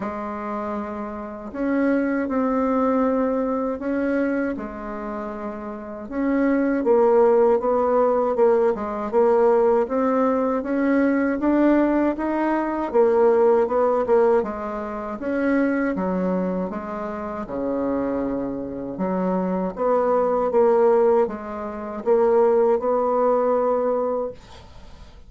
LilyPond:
\new Staff \with { instrumentName = "bassoon" } { \time 4/4 \tempo 4 = 79 gis2 cis'4 c'4~ | c'4 cis'4 gis2 | cis'4 ais4 b4 ais8 gis8 | ais4 c'4 cis'4 d'4 |
dis'4 ais4 b8 ais8 gis4 | cis'4 fis4 gis4 cis4~ | cis4 fis4 b4 ais4 | gis4 ais4 b2 | }